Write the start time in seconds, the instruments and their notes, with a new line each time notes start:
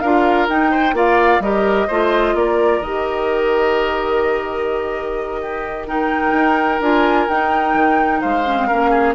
0.00 bassoon D4, clarinet F4, oboe A#4, flute F5
0.48 bassoon D#4, clarinet D#4, flute G5
0.71 oboe C5
0.93 bassoon A#3, clarinet F4, oboe D5, flute F5
1.39 bassoon G3, clarinet G4, oboe A#4, flute D#5
1.87 bassoon A3, clarinet F4, oboe C5
2.34 bassoon A#3, oboe A#4, flute D5
2.81 bassoon D#3, clarinet G4, flute D#5
5.41 oboe G4
5.87 clarinet D#4, oboe A#4, flute G5
6.33 bassoon D#4
6.80 bassoon D4, clarinet F4, flute G#5
7.29 bassoon D#4, clarinet D#4, flute G5
7.74 bassoon D#3
8.21 bassoon G#3, oboe C5, flute F5
8.46 clarinet C#4
8.57 clarinet C4
8.67 bassoon A#3, clarinet C#4, oboe A#4
8.90 oboe G#4